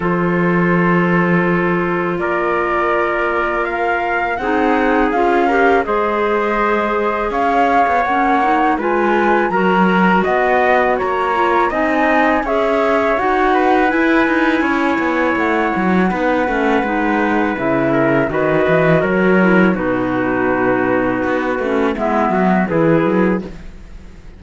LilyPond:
<<
  \new Staff \with { instrumentName = "flute" } { \time 4/4 \tempo 4 = 82 c''2. d''4~ | d''4 f''4 fis''4 f''4 | dis''2 f''4 fis''4 | gis''4 ais''4 fis''4 ais''4 |
gis''4 e''4 fis''4 gis''4~ | gis''4 fis''2. | e''4 dis''4 cis''4 b'4~ | b'2 e''4 b'4 | }
  \new Staff \with { instrumentName = "trumpet" } { \time 4/4 a'2. ais'4~ | ais'2 gis'4. ais'8 | c''2 cis''2 | b'4 ais'4 dis''4 cis''4 |
dis''4 cis''4. b'4. | cis''2 b'2~ | b'8 ais'8 b'4 ais'4 fis'4~ | fis'2 e'8 fis'8 gis'4 | }
  \new Staff \with { instrumentName = "clarinet" } { \time 4/4 f'1~ | f'2 dis'4 f'8 g'8 | gis'2. cis'8 dis'8 | f'4 fis'2~ fis'8 f'8 |
dis'4 gis'4 fis'4 e'4~ | e'2 dis'8 cis'8 dis'4 | e'4 fis'4. e'8 dis'4~ | dis'4. cis'8 b4 e'4 | }
  \new Staff \with { instrumentName = "cello" } { \time 4/4 f2. ais4~ | ais2 c'4 cis'4 | gis2 cis'8. b16 ais4 | gis4 fis4 b4 ais4 |
c'4 cis'4 dis'4 e'8 dis'8 | cis'8 b8 a8 fis8 b8 a8 gis4 | cis4 dis8 e8 fis4 b,4~ | b,4 b8 a8 gis8 fis8 e8 fis8 | }
>>